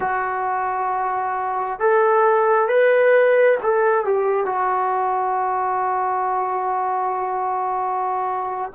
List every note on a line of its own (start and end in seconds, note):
0.00 1.79 F#4
1.79 2.68 A4
2.68 3.57 B4
3.63 4.05 A4
4.05 4.45 G4
4.45 8.71 F#4